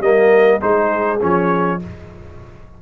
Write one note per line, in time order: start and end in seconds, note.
0.00 0.59 G3
0.00 0.61 A#3
0.00 0.63 A#4
0.00 0.61 D#5
0.61 1.22 G#3
0.61 1.20 D#4
0.61 1.80 G#4
0.61 1.20 C5
1.21 1.82 F3
1.21 1.80 C#4
1.21 1.82 C#5